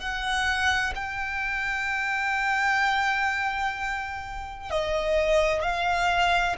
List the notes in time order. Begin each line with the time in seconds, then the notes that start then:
0.00 F#5
0.96 G5
4.71 D#5
5.62 F5